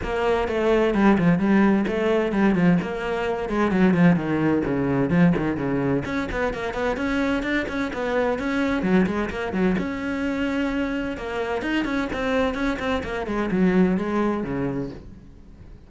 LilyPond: \new Staff \with { instrumentName = "cello" } { \time 4/4 \tempo 4 = 129 ais4 a4 g8 f8 g4 | a4 g8 f8 ais4. gis8 | fis8 f8 dis4 cis4 f8 dis8 | cis4 cis'8 b8 ais8 b8 cis'4 |
d'8 cis'8 b4 cis'4 fis8 gis8 | ais8 fis8 cis'2. | ais4 dis'8 cis'8 c'4 cis'8 c'8 | ais8 gis8 fis4 gis4 cis4 | }